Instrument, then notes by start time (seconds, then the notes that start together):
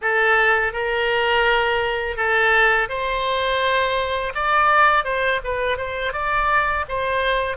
oboe
0.01 A4
0.72 A#4
2.16 A4
2.88 C5
4.34 D5
5.04 C5
5.43 B4
5.77 C5
6.12 D5
6.88 C5